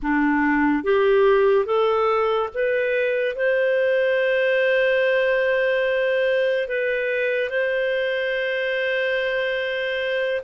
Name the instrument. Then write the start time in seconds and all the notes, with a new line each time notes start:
clarinet
0.02 D4
0.83 G4
1.65 A4
2.53 B4
3.35 C5
6.67 B4
7.49 C5